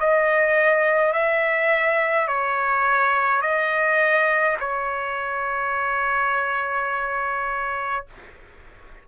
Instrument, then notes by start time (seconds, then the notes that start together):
trumpet
0.00 D#5
1.12 E5
2.28 C#5
3.41 D#5
4.60 C#5